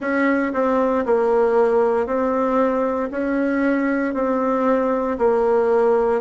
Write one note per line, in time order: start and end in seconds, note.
0.00 0.52 C#4
0.53 1.04 C4
1.05 2.06 A#3
2.06 3.09 C4
3.11 4.14 C#4
4.14 5.17 C4
5.18 6.21 A#3